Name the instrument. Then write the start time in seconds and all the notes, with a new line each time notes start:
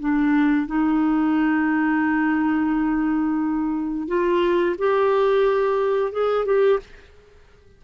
clarinet
0.00 D4
0.67 D#4
4.08 F4
4.79 G4
6.13 G#4
6.46 G4